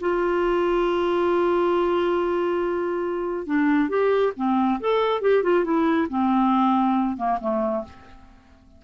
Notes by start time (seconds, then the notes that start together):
0.00 F4
3.46 D4
3.89 G4
4.36 C4
4.80 A4
5.21 G4
5.43 F4
5.64 E4
6.09 C4
7.17 A#3
7.41 A3